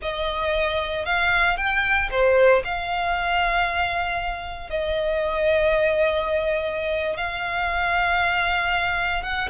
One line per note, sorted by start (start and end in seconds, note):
0.01 1.05 D#5
1.05 1.57 F5
1.57 2.09 G5
2.10 2.63 C5
2.64 4.70 F5
4.70 7.16 D#5
7.16 9.23 F5
9.23 9.49 F#5